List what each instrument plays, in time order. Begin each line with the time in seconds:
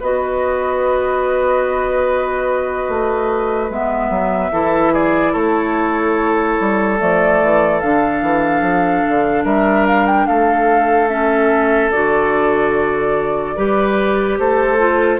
0.00 bassoon B3, clarinet F#4, oboe B4, flute D#5
2.89 bassoon A3
3.70 bassoon G#3, clarinet B3, flute E5
4.10 bassoon F#3
4.52 bassoon E3, clarinet E4, oboe A4
4.93 oboe G#4, flute D5
5.33 bassoon A3, oboe A4, flute C#5
6.60 bassoon G3
6.98 bassoon F3, clarinet A3, flute D5
7.42 bassoon E3
7.80 bassoon D3, clarinet D4, flute F5
8.22 bassoon E3
8.61 bassoon F3
9.08 bassoon D3
9.45 bassoon G3, oboe A#4, flute E5
9.87 flute F5
10.06 flute G5
10.27 bassoon A3, oboe A4, flute F5
11.08 clarinet C#4, flute E5
11.91 bassoon D3, clarinet F#4, flute D5
13.57 bassoon G3, clarinet G4, oboe B4
14.39 bassoon A3, oboe A4, flute C5
14.79 clarinet F4